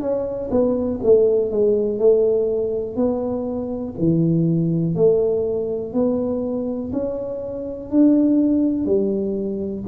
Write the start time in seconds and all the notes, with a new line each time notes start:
0.00 C#4
0.51 B3
1.03 A3
1.51 G#3
1.99 A3
2.96 B3
3.98 E3
4.95 A3
5.93 B3
6.92 C#4
7.90 D4
8.85 G3